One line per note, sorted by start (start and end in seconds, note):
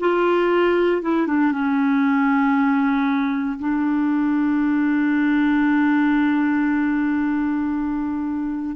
0.00 1.02 F4
1.02 1.27 E4
1.27 1.52 D4
1.52 3.59 C#4
3.59 8.76 D4